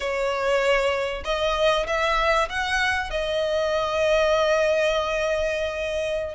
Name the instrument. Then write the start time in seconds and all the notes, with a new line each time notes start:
violin
0.00 C#5
1.24 D#5
1.87 E5
2.49 F#5
3.10 D#5